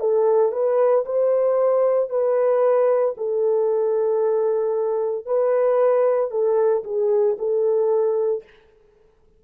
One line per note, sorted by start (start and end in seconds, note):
0.00 0.52 A4
0.52 1.04 B4
1.05 2.09 C5
2.09 3.14 B4
3.17 5.25 A4
5.25 6.31 B4
6.31 6.83 A4
6.84 7.36 G#4
7.38 8.43 A4